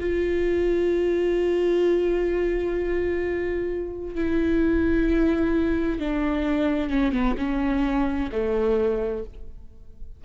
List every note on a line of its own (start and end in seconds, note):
0.00 4.15 F4
4.15 6.00 E4
6.00 6.90 D4
6.90 7.12 C#4
7.12 7.36 B3
7.38 8.30 C#4
8.32 9.24 A3